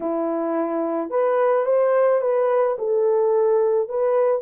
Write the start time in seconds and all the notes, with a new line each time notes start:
0.00 E4
1.10 B4
1.65 C5
2.21 B4
2.78 A4
3.88 B4